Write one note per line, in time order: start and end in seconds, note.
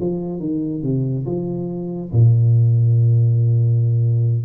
0.00 0.40 F3
0.40 0.82 D#3
0.82 1.25 C3
1.25 2.11 F3
2.12 4.45 A#2